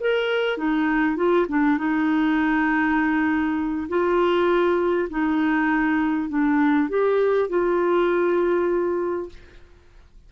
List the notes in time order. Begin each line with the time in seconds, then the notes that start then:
0.00 A#4
0.57 D#4
1.16 F4
1.48 D4
1.78 D#4
3.89 F4
5.09 D#4
6.29 D4
6.89 G4
7.49 F4